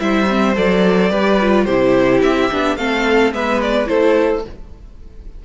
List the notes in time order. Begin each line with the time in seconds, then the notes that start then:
0.00 G3 E4 C5 E5
0.30 C4
0.55 F#3 A4 D5
1.11 G3 G4 B4
1.42 F4
1.65 C3 E4 G4 C5
2.22 C4 E5
2.51 B3 D4
2.77 A3 C4 A4 F5
3.33 G#3 B3 B4 E5
3.62 D5
3.86 A3 E4 A4 C5